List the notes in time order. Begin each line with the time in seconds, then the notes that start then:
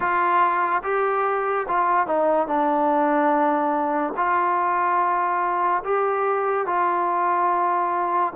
0.00 F4
0.83 G4
1.67 F4
2.06 D#4
2.47 D4
4.16 F4
5.84 G4
6.66 F4